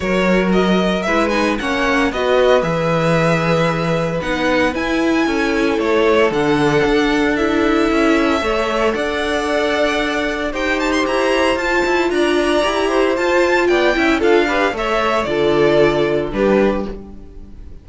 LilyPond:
<<
  \new Staff \with { instrumentName = "violin" } { \time 4/4 \tempo 4 = 114 cis''4 dis''4 e''8 gis''8 fis''4 | dis''4 e''2. | fis''4 gis''2 cis''4 | fis''2 e''2~ |
e''4 fis''2. | g''8 a''16 c'''16 ais''4 a''4 ais''4~ | ais''4 a''4 g''4 f''4 | e''4 d''2 b'4 | }
  \new Staff \with { instrumentName = "violin" } { \time 4/4 ais'2 b'4 cis''4 | b'1~ | b'2 a'2~ | a'1 |
cis''4 d''2. | c''2. d''4~ | d''8 c''4. d''8 e''8 a'8 b'8 | cis''4 a'2 g'4 | }
  \new Staff \with { instrumentName = "viola" } { \time 4/4 fis'2 e'8 dis'8 cis'4 | fis'4 gis'2. | dis'4 e'2. | d'2 e'2 |
a'1 | g'2 f'2 | g'4 f'4. e'8 f'8 g'8 | a'4 f'2 d'4 | }
  \new Staff \with { instrumentName = "cello" } { \time 4/4 fis2 gis4 ais4 | b4 e2. | b4 e'4 cis'4 a4 | d4 d'2 cis'4 |
a4 d'2. | dis'4 e'4 f'8 e'8 d'4 | e'4 f'4 b8 cis'8 d'4 | a4 d2 g4 | }
>>